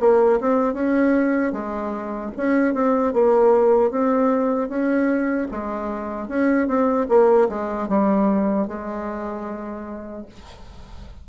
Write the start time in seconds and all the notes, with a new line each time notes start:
0.00 A#3
0.40 C4
0.73 C#4
1.52 G#3
2.37 C#4
2.74 C4
3.13 A#3
3.90 C4
4.69 C#4
5.51 G#3
6.28 C#4
6.67 C4
7.09 A#3
7.49 G#3
7.88 G3
8.67 G#3